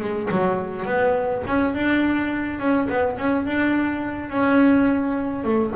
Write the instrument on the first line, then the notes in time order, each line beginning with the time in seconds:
double bass
0.00 G#3
0.31 F#3
0.85 B3
1.46 C#4
1.74 D4
2.59 C#4
2.89 B3
3.17 C#4
3.45 D4
4.29 C#4
5.43 A3